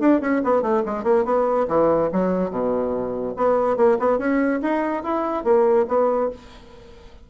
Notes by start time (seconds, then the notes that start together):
0.00 D4
0.21 C#4
0.44 B3
0.62 A3
0.86 G#3
1.04 A#3
1.25 B3
1.68 E3
2.13 F#3
2.51 B2
3.37 B3
3.77 A#3
4.00 B3
4.19 C#4
4.62 D#4
5.03 E4
5.44 A#3
5.88 B3